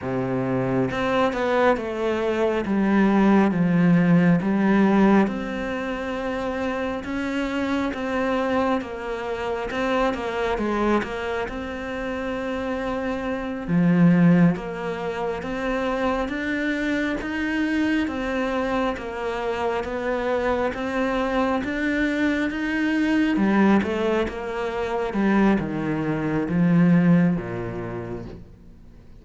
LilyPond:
\new Staff \with { instrumentName = "cello" } { \time 4/4 \tempo 4 = 68 c4 c'8 b8 a4 g4 | f4 g4 c'2 | cis'4 c'4 ais4 c'8 ais8 | gis8 ais8 c'2~ c'8 f8~ |
f8 ais4 c'4 d'4 dis'8~ | dis'8 c'4 ais4 b4 c'8~ | c'8 d'4 dis'4 g8 a8 ais8~ | ais8 g8 dis4 f4 ais,4 | }